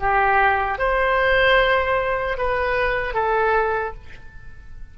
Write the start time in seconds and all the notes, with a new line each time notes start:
0.00 G4
0.79 C5
2.37 B4
3.14 A4